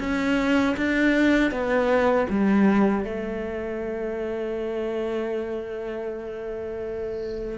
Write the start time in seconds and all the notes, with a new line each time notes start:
0.00 C#4
0.77 D4
1.51 B3
2.30 G3
3.05 A3